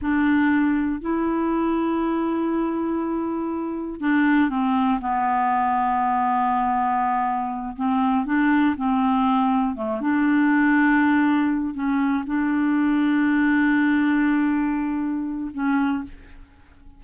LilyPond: \new Staff \with { instrumentName = "clarinet" } { \time 4/4 \tempo 4 = 120 d'2 e'2~ | e'1 | d'4 c'4 b2~ | b2.~ b8 c'8~ |
c'8 d'4 c'2 a8 | d'2.~ d'8 cis'8~ | cis'8 d'2.~ d'8~ | d'2. cis'4 | }